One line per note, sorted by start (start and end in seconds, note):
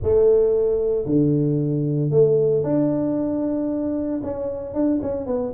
0.02 1.05 A3
1.05 2.10 D3
2.10 2.63 A3
2.63 4.21 D4
4.23 4.74 C#4
4.74 5.00 D4
5.01 5.26 C#4
5.26 5.52 B3